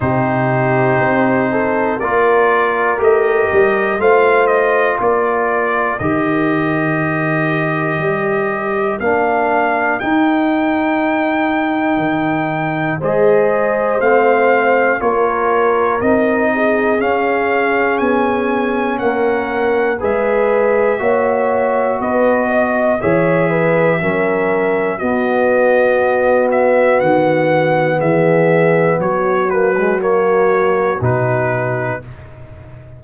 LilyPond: <<
  \new Staff \with { instrumentName = "trumpet" } { \time 4/4 \tempo 4 = 60 c''2 d''4 dis''4 | f''8 dis''8 d''4 dis''2~ | dis''4 f''4 g''2~ | g''4 dis''4 f''4 cis''4 |
dis''4 f''4 gis''4 fis''4 | e''2 dis''4 e''4~ | e''4 dis''4. e''8 fis''4 | e''4 cis''8 b'8 cis''4 b'4 | }
  \new Staff \with { instrumentName = "horn" } { \time 4/4 g'4. a'8 ais'2 | c''4 ais'2.~ | ais'1~ | ais'4 c''2 ais'4~ |
ais'8 gis'2~ gis'8 ais'4 | b'4 cis''4 b'8 dis''8 cis''8 b'8 | ais'4 fis'2. | gis'4 fis'2. | }
  \new Staff \with { instrumentName = "trombone" } { \time 4/4 dis'2 f'4 g'4 | f'2 g'2~ | g'4 d'4 dis'2~ | dis'4 gis'4 c'4 f'4 |
dis'4 cis'2. | gis'4 fis'2 gis'4 | cis'4 b2.~ | b4. ais16 gis16 ais4 dis'4 | }
  \new Staff \with { instrumentName = "tuba" } { \time 4/4 c4 c'4 ais4 a8 g8 | a4 ais4 dis2 | g4 ais4 dis'2 | dis4 gis4 a4 ais4 |
c'4 cis'4 b4 ais4 | gis4 ais4 b4 e4 | fis4 b2 dis4 | e4 fis2 b,4 | }
>>